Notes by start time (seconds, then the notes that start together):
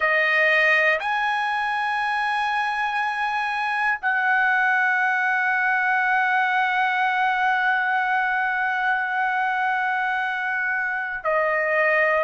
0.00 D#5
0.99 G#5
4.01 F#5
11.24 D#5